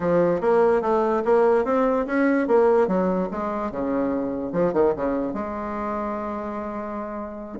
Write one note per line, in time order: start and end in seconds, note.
0.00 0.41 F3
0.41 0.81 A#3
0.81 1.22 A3
1.24 1.65 A#3
1.65 2.06 C4
2.06 2.47 C#4
2.47 2.87 A#3
2.87 3.28 F#3
3.31 3.71 G#3
3.71 4.52 C#3
4.52 4.73 F3
4.73 4.93 D#3
4.95 5.33 C#3
5.33 7.59 G#3